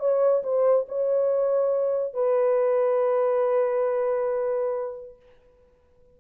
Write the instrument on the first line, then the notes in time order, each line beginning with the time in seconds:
horn
0.00 C#5
0.44 C5
0.89 C#5
2.14 B4